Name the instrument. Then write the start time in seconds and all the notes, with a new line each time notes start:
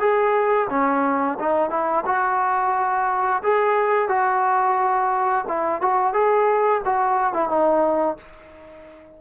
trombone
0.00 G#4
0.70 C#4
1.39 D#4
1.70 E4
2.06 F#4
3.43 G#4
4.09 F#4
5.48 E4
5.82 F#4
6.14 G#4
6.85 F#4
7.34 E4
7.49 D#4